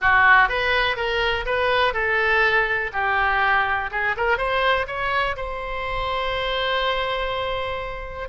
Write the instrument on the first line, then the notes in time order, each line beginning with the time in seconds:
oboe
0.01 F#4
0.49 B4
0.96 A#4
1.45 B4
1.93 A4
2.92 G4
3.91 G#4
4.16 A#4
4.37 C5
4.87 C#5
5.36 C5